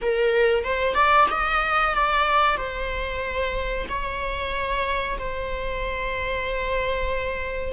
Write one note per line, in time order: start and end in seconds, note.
0.01 0.63 A#4
0.63 0.94 C5
0.94 1.26 D5
1.30 1.94 D#5
1.94 2.56 D5
2.56 3.85 C5
3.89 5.18 C#5
5.18 7.72 C5